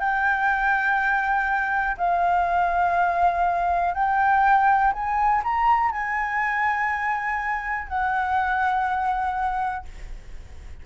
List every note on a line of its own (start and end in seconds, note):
0.00 1.97 G5
1.98 3.94 F5
3.95 4.93 G5
4.93 5.42 G#5
5.44 5.92 A#5
5.92 7.88 G#5
7.88 9.85 F#5